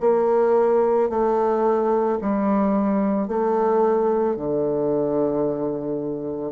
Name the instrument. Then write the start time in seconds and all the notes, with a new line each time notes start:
bassoon
0.00 A#3
1.09 A3
2.21 G3
3.28 A3
4.36 D3